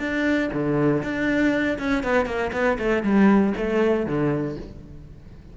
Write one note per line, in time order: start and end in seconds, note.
0.00 0.50 D4
0.53 1.03 D3
1.03 1.79 D4
1.79 2.04 C#4
2.04 2.26 B3
2.26 2.52 A#3
2.53 2.78 B3
2.79 3.03 A3
3.03 3.54 G3
3.58 4.07 A3
4.07 4.57 D3